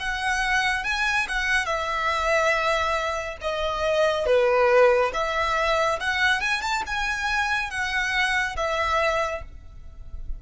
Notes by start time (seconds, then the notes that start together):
0.00 F#5
0.85 G#5
1.29 F#5
1.66 E5
3.42 D#5
4.26 B4
5.14 E5
6.00 F#5
6.41 G#5
6.62 A5
6.87 G#5
7.71 F#5
8.57 E5